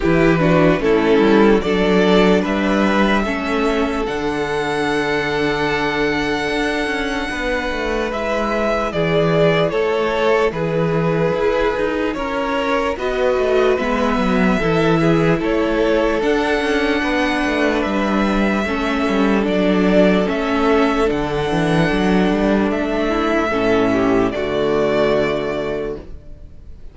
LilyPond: <<
  \new Staff \with { instrumentName = "violin" } { \time 4/4 \tempo 4 = 74 b'4 a'4 d''4 e''4~ | e''4 fis''2.~ | fis''2 e''4 d''4 | cis''4 b'2 cis''4 |
dis''4 e''2 cis''4 | fis''2 e''2 | d''4 e''4 fis''2 | e''2 d''2 | }
  \new Staff \with { instrumentName = "violin" } { \time 4/4 g'8 fis'8 e'4 a'4 b'4 | a'1~ | a'4 b'2 gis'4 | a'4 gis'2 ais'4 |
b'2 a'8 gis'8 a'4~ | a'4 b'2 a'4~ | a'1~ | a'8 e'8 a'8 g'8 fis'2 | }
  \new Staff \with { instrumentName = "viola" } { \time 4/4 e'8 d'8 cis'4 d'2 | cis'4 d'2.~ | d'2 e'2~ | e'1 |
fis'4 b4 e'2 | d'2. cis'4 | d'4 cis'4 d'2~ | d'4 cis'4 a2 | }
  \new Staff \with { instrumentName = "cello" } { \time 4/4 e4 a8 g8 fis4 g4 | a4 d2. | d'8 cis'8 b8 a8 gis4 e4 | a4 e4 e'8 dis'8 cis'4 |
b8 a8 gis8 fis8 e4 a4 | d'8 cis'8 b8 a8 g4 a8 g8 | fis4 a4 d8 e8 fis8 g8 | a4 a,4 d2 | }
>>